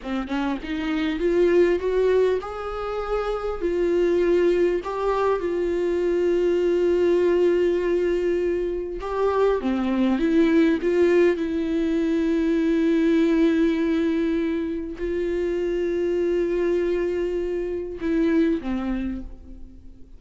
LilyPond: \new Staff \with { instrumentName = "viola" } { \time 4/4 \tempo 4 = 100 c'8 cis'8 dis'4 f'4 fis'4 | gis'2 f'2 | g'4 f'2.~ | f'2. g'4 |
c'4 e'4 f'4 e'4~ | e'1~ | e'4 f'2.~ | f'2 e'4 c'4 | }